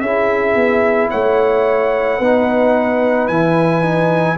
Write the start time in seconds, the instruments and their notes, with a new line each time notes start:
0.00 tuba C#4, trombone E4, horn G#4, trumpet E5
0.55 tuba B3
1.11 tuba A3, horn C#5, trumpet F#5
2.19 tuba B3, trombone D#4, horn B4
3.28 tuba E3, trombone E4, trumpet G#5
3.82 trombone D#4